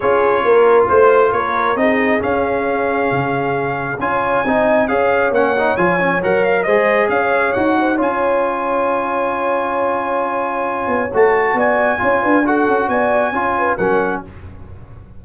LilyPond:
<<
  \new Staff \with { instrumentName = "trumpet" } { \time 4/4 \tempo 4 = 135 cis''2 c''4 cis''4 | dis''4 f''2.~ | f''4 gis''2 f''4 | fis''4 gis''4 fis''8 f''8 dis''4 |
f''4 fis''4 gis''2~ | gis''1~ | gis''4 a''4 gis''2 | fis''4 gis''2 fis''4 | }
  \new Staff \with { instrumentName = "horn" } { \time 4/4 gis'4 ais'4 c''4 ais'4 | gis'1~ | gis'4 cis''4 dis''4 cis''4~ | cis''2. c''4 |
cis''4. c''8 cis''2~ | cis''1~ | cis''2 d''4 cis''8 b'8 | a'4 d''4 cis''8 b'8 ais'4 | }
  \new Staff \with { instrumentName = "trombone" } { \time 4/4 f'1 | dis'4 cis'2.~ | cis'4 f'4 dis'4 gis'4 | cis'8 dis'8 f'8 cis'8 ais'4 gis'4~ |
gis'4 fis'4 f'2~ | f'1~ | f'4 fis'2 f'4 | fis'2 f'4 cis'4 | }
  \new Staff \with { instrumentName = "tuba" } { \time 4/4 cis'4 ais4 a4 ais4 | c'4 cis'2 cis4~ | cis4 cis'4 c'4 cis'4 | ais4 f4 fis4 gis4 |
cis'4 dis'4 cis'2~ | cis'1~ | cis'8 b8 a4 b4 cis'8 d'8~ | d'8 cis'8 b4 cis'4 fis4 | }
>>